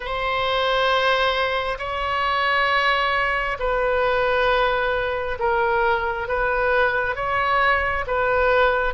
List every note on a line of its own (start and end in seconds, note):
0.00 1.78 C5
1.78 3.57 C#5
3.59 5.38 B4
5.39 6.27 A#4
6.27 7.15 B4
7.15 8.05 C#5
8.06 8.93 B4